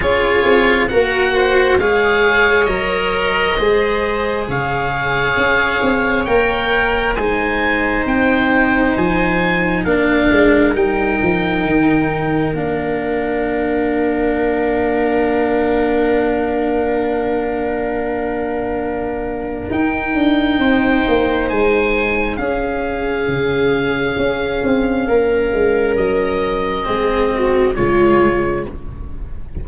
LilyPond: <<
  \new Staff \with { instrumentName = "oboe" } { \time 4/4 \tempo 4 = 67 cis''4 fis''4 f''4 dis''4~ | dis''4 f''2 g''4 | gis''4 g''4 gis''4 f''4 | g''2 f''2~ |
f''1~ | f''2 g''2 | gis''4 f''2.~ | f''4 dis''2 cis''4 | }
  \new Staff \with { instrumentName = "viola" } { \time 4/4 gis'4 ais'8 c''8 cis''2 | c''4 cis''2. | c''2. ais'4~ | ais'1~ |
ais'1~ | ais'2. c''4~ | c''4 gis'2. | ais'2 gis'8 fis'8 f'4 | }
  \new Staff \with { instrumentName = "cello" } { \time 4/4 f'4 fis'4 gis'4 ais'4 | gis'2. ais'4 | dis'2. d'4 | dis'2 d'2~ |
d'1~ | d'2 dis'2~ | dis'4 cis'2.~ | cis'2 c'4 gis4 | }
  \new Staff \with { instrumentName = "tuba" } { \time 4/4 cis'8 c'8 ais4 gis4 fis4 | gis4 cis4 cis'8 c'8 ais4 | gis4 c'4 f4 ais8 gis8 | g8 f8 dis4 ais2~ |
ais1~ | ais2 dis'8 d'8 c'8 ais8 | gis4 cis'4 cis4 cis'8 c'8 | ais8 gis8 fis4 gis4 cis4 | }
>>